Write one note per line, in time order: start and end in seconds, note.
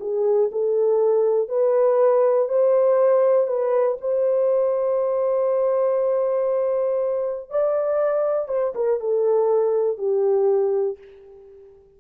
0.00 0.50 G#4
0.52 1.49 A4
1.49 2.48 B4
2.48 3.47 C5
3.47 3.97 B4
4.01 7.50 C5
7.50 8.48 D5
8.48 8.73 C5
8.75 9.00 A#4
9.00 9.97 A4
9.97 10.97 G4